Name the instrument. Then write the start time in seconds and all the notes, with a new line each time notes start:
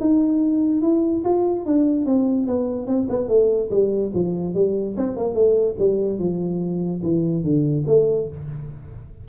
tuba
0.00 D#4
0.82 E4
1.24 F4
1.66 D4
2.06 C4
2.47 B3
2.87 C4
3.09 B3
3.28 A3
3.70 G3
4.14 F3
4.54 G3
4.97 C4
5.16 A#3
5.34 A3
5.79 G3
6.19 F3
7.03 E3
7.43 D3
7.87 A3